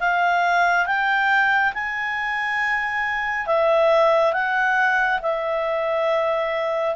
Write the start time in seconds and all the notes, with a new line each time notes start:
0.00 F5
0.87 G5
1.74 G#5
3.47 E5
4.33 F#5
5.23 E5